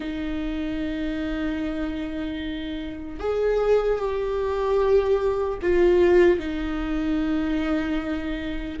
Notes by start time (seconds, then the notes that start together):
0.00 D#4
3.19 G#4
3.98 G4
5.61 F4
6.39 D#4